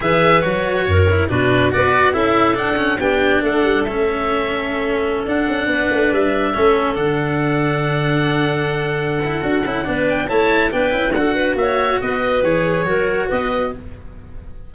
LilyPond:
<<
  \new Staff \with { instrumentName = "oboe" } { \time 4/4 \tempo 4 = 140 e''4 cis''2 b'4 | d''4 e''4 fis''4 g''4 | fis''4 e''2.~ | e''16 fis''2 e''4.~ e''16~ |
e''16 fis''2.~ fis''8.~ | fis''2.~ fis''8 g''8 | a''4 g''4 fis''4 e''4 | dis''4 cis''2 dis''4 | }
  \new Staff \with { instrumentName = "clarinet" } { \time 4/4 b'2 ais'4 fis'4 | b'4 a'2 g'4 | a'1~ | a'4~ a'16 b'2 a'8.~ |
a'1~ | a'2. b'4 | cis''4 b'4 a'8 b'8 cis''4 | b'2 ais'4 b'4 | }
  \new Staff \with { instrumentName = "cello" } { \time 4/4 gis'4 fis'4. e'8 d'4 | fis'4 e'4 d'8 cis'8 d'4~ | d'4 cis'2.~ | cis'16 d'2. cis'8.~ |
cis'16 d'2.~ d'8.~ | d'4. e'8 fis'8 e'8 d'4 | e'4 d'8 e'8 fis'2~ | fis'4 gis'4 fis'2 | }
  \new Staff \with { instrumentName = "tuba" } { \time 4/4 e4 fis4 fis,4 b,4 | b4 cis'4 d'4 b4 | a8 g8 a2.~ | a16 d'8 cis'8 b8 a8 g4 a8.~ |
a16 d2.~ d8.~ | d2 d'8 cis'8 b4 | a4 b8 cis'8 d'4 ais4 | b4 e4 fis4 b4 | }
>>